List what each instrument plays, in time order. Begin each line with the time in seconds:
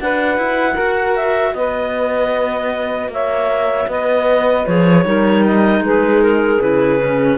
0.00 cello D4, clarinet F#4 F#5, saxophone B4
0.38 cello E4
0.74 cello F#4, saxophone A#4
1.16 clarinet E5
1.55 cello B3, saxophone B4, clarinet D#5
3.08 cello A#3, saxophone C#5, clarinet E5
3.88 cello B3, saxophone B4, clarinet D#5
4.67 cello F3, clarinet G#4 C#5
5.06 cello G3, clarinet D#4, saxophone A#4
5.45 clarinet D#5
5.80 cello G#3, saxophone G#4, clarinet B4
6.23 clarinet A#4
6.60 cello C#3, clarinet E4 B4
7.00 clarinet C#4